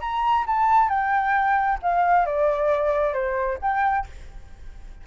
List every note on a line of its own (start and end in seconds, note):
0.00 0.45 A#5
0.46 0.89 A5
0.89 1.78 G5
1.82 2.26 F5
2.26 3.13 D5
3.13 3.58 C5
3.61 4.06 G5